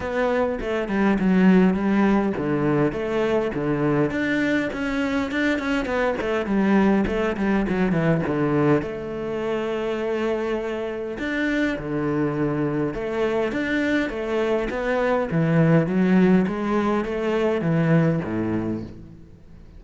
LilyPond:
\new Staff \with { instrumentName = "cello" } { \time 4/4 \tempo 4 = 102 b4 a8 g8 fis4 g4 | d4 a4 d4 d'4 | cis'4 d'8 cis'8 b8 a8 g4 | a8 g8 fis8 e8 d4 a4~ |
a2. d'4 | d2 a4 d'4 | a4 b4 e4 fis4 | gis4 a4 e4 a,4 | }